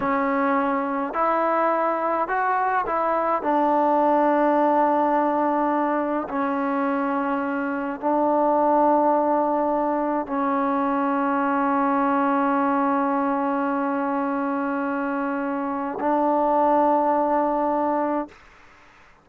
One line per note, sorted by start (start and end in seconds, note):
0.00 1.13 C#4
1.13 2.28 E4
2.28 2.85 F#4
2.86 3.42 E4
3.42 6.28 D4
6.29 8.00 C#4
8.00 10.26 D4
10.26 15.98 C#4
15.99 18.28 D4